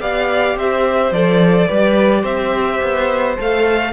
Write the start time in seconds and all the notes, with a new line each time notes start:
0.00 B3 G4 D5 F5
0.55 C4 C5 E5
1.11 F3 A4 D5
1.67 G3 G4 B4
2.21 C4 C5 E5
2.82 B3
3.37 A3 A4 F5